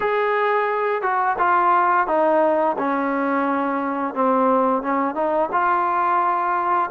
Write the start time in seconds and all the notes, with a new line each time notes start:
0.00 G#4
1.02 F#4
1.38 F4
2.07 D#4
2.78 C#4
4.14 C4
4.82 C#4
5.14 D#4
5.52 F4